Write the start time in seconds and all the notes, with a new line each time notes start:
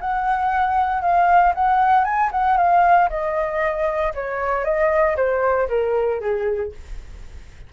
0.00 F#5
1.01 F5
1.54 F#5
2.04 G#5
2.31 F#5
2.57 F5
3.09 D#5
4.14 C#5
4.64 D#5
5.16 C5
5.68 A#4
6.20 G#4